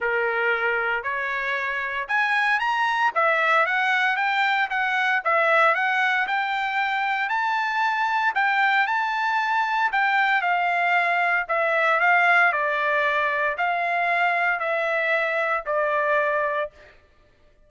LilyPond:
\new Staff \with { instrumentName = "trumpet" } { \time 4/4 \tempo 4 = 115 ais'2 cis''2 | gis''4 ais''4 e''4 fis''4 | g''4 fis''4 e''4 fis''4 | g''2 a''2 |
g''4 a''2 g''4 | f''2 e''4 f''4 | d''2 f''2 | e''2 d''2 | }